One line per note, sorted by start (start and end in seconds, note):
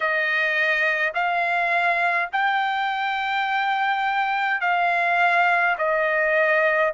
0.00 1.12 D#5
1.14 2.29 F5
2.32 4.60 G5
4.60 5.76 F5
5.77 6.93 D#5